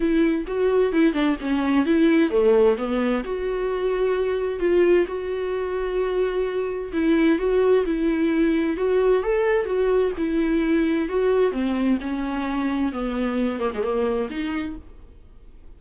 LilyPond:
\new Staff \with { instrumentName = "viola" } { \time 4/4 \tempo 4 = 130 e'4 fis'4 e'8 d'8 cis'4 | e'4 a4 b4 fis'4~ | fis'2 f'4 fis'4~ | fis'2. e'4 |
fis'4 e'2 fis'4 | a'4 fis'4 e'2 | fis'4 c'4 cis'2 | b4. ais16 gis16 ais4 dis'4 | }